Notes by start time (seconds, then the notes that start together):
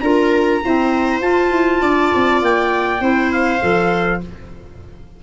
0.00 D4 F4 A#4 A#5
0.64 C4 E4 C5
1.21 F4 A5
1.50 E4
1.81 D4 D5
2.15 C4
2.41 A#3 G5
3.00 C4 E4 C5
3.32 F5
3.60 F3 A4